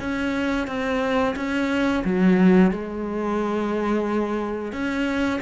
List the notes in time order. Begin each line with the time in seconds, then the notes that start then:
0.00 C#4
0.67 C4
1.36 C#4
2.04 F#3
2.72 G#3
4.73 C#4